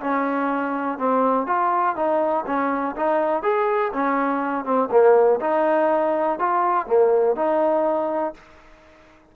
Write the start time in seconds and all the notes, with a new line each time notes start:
0.00 C#4
0.98 C4
1.46 F4
1.95 D#4
2.46 C#4
2.96 D#4
3.42 G#4
3.93 C#4
4.64 C4
4.91 A#3
5.40 D#4
6.39 F4
6.87 A#3
7.35 D#4